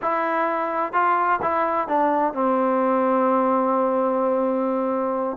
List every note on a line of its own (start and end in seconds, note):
0.01 0.92 E4
0.92 1.39 F4
1.42 1.87 E4
1.87 2.33 D4
2.33 5.37 C4